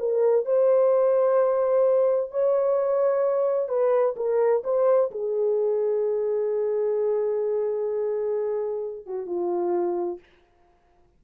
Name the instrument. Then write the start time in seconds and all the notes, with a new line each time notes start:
horn
0.00 A#4
0.46 C5
2.31 C#5
3.69 B4
4.17 A#4
4.64 C5
5.11 G#4
9.07 F#4
9.27 F4